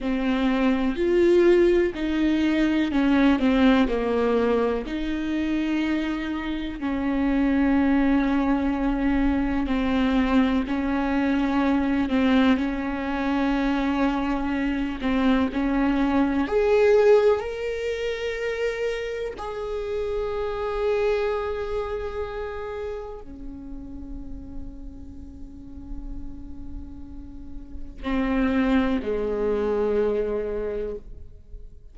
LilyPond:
\new Staff \with { instrumentName = "viola" } { \time 4/4 \tempo 4 = 62 c'4 f'4 dis'4 cis'8 c'8 | ais4 dis'2 cis'4~ | cis'2 c'4 cis'4~ | cis'8 c'8 cis'2~ cis'8 c'8 |
cis'4 gis'4 ais'2 | gis'1 | cis'1~ | cis'4 c'4 gis2 | }